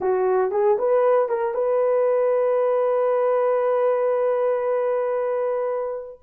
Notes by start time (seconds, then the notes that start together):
0.00 F#4
0.51 G#4
0.78 B4
1.29 A#4
1.54 B4